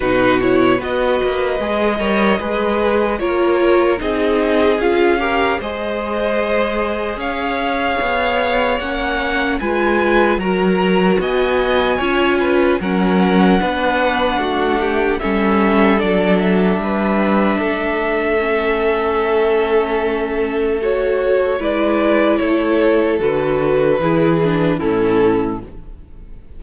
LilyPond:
<<
  \new Staff \with { instrumentName = "violin" } { \time 4/4 \tempo 4 = 75 b'8 cis''8 dis''2. | cis''4 dis''4 f''4 dis''4~ | dis''4 f''2 fis''4 | gis''4 ais''4 gis''2 |
fis''2. e''4 | d''8 e''2.~ e''8~ | e''2 cis''4 d''4 | cis''4 b'2 a'4 | }
  \new Staff \with { instrumentName = "violin" } { \time 4/4 fis'4 b'4. cis''8 b'4 | ais'4 gis'4. ais'8 c''4~ | c''4 cis''2. | b'4 ais'4 dis''4 cis''8 b'8 |
ais'4 b'4 fis'8 g'8 a'4~ | a'4 b'4 a'2~ | a'2. b'4 | a'2 gis'4 e'4 | }
  \new Staff \with { instrumentName = "viola" } { \time 4/4 dis'8 e'8 fis'4 gis'8 ais'8 gis'4 | f'4 dis'4 f'8 g'8 gis'4~ | gis'2. cis'4 | f'4 fis'2 f'4 |
cis'4 d'2 cis'4 | d'2. cis'4~ | cis'2 fis'4 e'4~ | e'4 fis'4 e'8 d'8 cis'4 | }
  \new Staff \with { instrumentName = "cello" } { \time 4/4 b,4 b8 ais8 gis8 g8 gis4 | ais4 c'4 cis'4 gis4~ | gis4 cis'4 b4 ais4 | gis4 fis4 b4 cis'4 |
fis4 b4 a4 g4 | fis4 g4 a2~ | a2. gis4 | a4 d4 e4 a,4 | }
>>